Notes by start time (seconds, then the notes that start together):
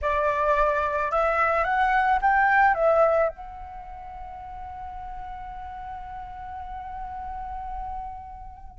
0.01 D5
1.11 E5
1.64 F#5
2.21 G5
2.74 E5
3.28 F#5